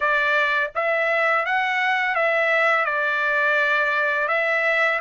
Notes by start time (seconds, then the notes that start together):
0.00 D5
0.75 E5
1.45 F#5
2.15 E5
2.85 D5
4.28 E5